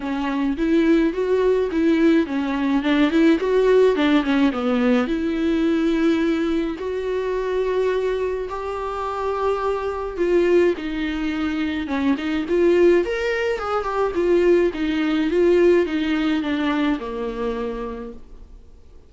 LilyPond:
\new Staff \with { instrumentName = "viola" } { \time 4/4 \tempo 4 = 106 cis'4 e'4 fis'4 e'4 | cis'4 d'8 e'8 fis'4 d'8 cis'8 | b4 e'2. | fis'2. g'4~ |
g'2 f'4 dis'4~ | dis'4 cis'8 dis'8 f'4 ais'4 | gis'8 g'8 f'4 dis'4 f'4 | dis'4 d'4 ais2 | }